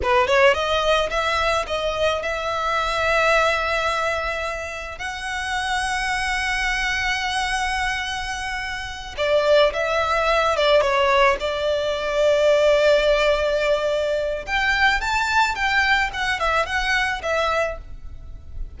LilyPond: \new Staff \with { instrumentName = "violin" } { \time 4/4 \tempo 4 = 108 b'8 cis''8 dis''4 e''4 dis''4 | e''1~ | e''4 fis''2.~ | fis''1~ |
fis''8 d''4 e''4. d''8 cis''8~ | cis''8 d''2.~ d''8~ | d''2 g''4 a''4 | g''4 fis''8 e''8 fis''4 e''4 | }